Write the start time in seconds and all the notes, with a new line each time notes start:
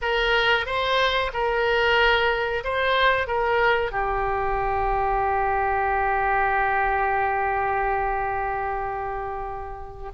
0.01 A#4
0.66 C5
1.33 A#4
2.64 C5
3.27 A#4
3.91 G4